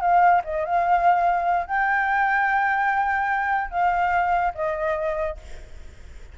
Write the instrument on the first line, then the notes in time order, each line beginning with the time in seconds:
flute
0.00 F5
0.44 D#5
0.65 F5
1.66 G5
3.70 F5
4.54 D#5